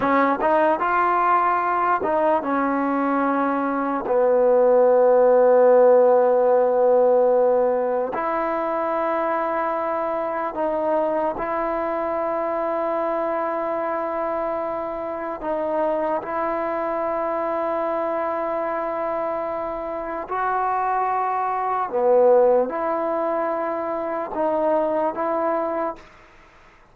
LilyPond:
\new Staff \with { instrumentName = "trombone" } { \time 4/4 \tempo 4 = 74 cis'8 dis'8 f'4. dis'8 cis'4~ | cis'4 b2.~ | b2 e'2~ | e'4 dis'4 e'2~ |
e'2. dis'4 | e'1~ | e'4 fis'2 b4 | e'2 dis'4 e'4 | }